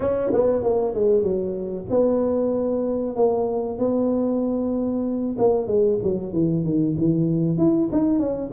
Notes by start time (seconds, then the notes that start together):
0.00 C#4
0.33 B3
0.63 A#3
0.94 G#3
1.23 F#3
1.89 B3
3.16 A#3
3.78 B3
5.38 A#3
5.67 G#3
6.03 F#3
6.32 E3
6.64 D#3
6.97 E3
7.57 E4
7.91 D#4
8.19 C#4